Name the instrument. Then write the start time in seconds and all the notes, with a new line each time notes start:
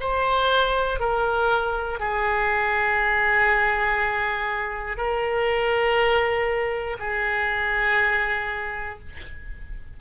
oboe
0.00 C5
1.00 A#4
2.00 G#4
4.97 A#4
6.99 G#4